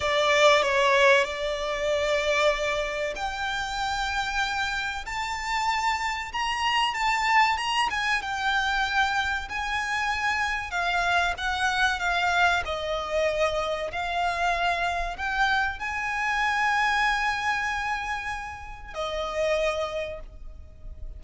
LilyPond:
\new Staff \with { instrumentName = "violin" } { \time 4/4 \tempo 4 = 95 d''4 cis''4 d''2~ | d''4 g''2. | a''2 ais''4 a''4 | ais''8 gis''8 g''2 gis''4~ |
gis''4 f''4 fis''4 f''4 | dis''2 f''2 | g''4 gis''2.~ | gis''2 dis''2 | }